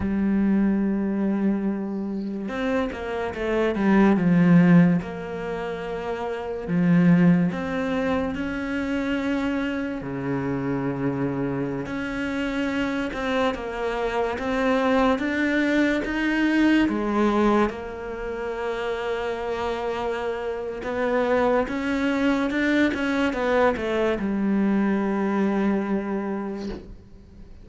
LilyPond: \new Staff \with { instrumentName = "cello" } { \time 4/4 \tempo 4 = 72 g2. c'8 ais8 | a8 g8 f4 ais2 | f4 c'4 cis'2 | cis2~ cis16 cis'4. c'16~ |
c'16 ais4 c'4 d'4 dis'8.~ | dis'16 gis4 ais2~ ais8.~ | ais4 b4 cis'4 d'8 cis'8 | b8 a8 g2. | }